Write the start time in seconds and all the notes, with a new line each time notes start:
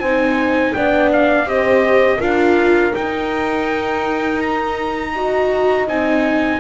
0.00 C4 D#4 C5 G#5
0.73 B3 D4 D5 G5
1.13 F5
1.46 C4 G4 C5 D#5
2.18 D4 F4 A#4 F5
2.93 D#4 G5
4.41 A#5
5.15 F#4 D#5
5.88 C4 D#4 G#5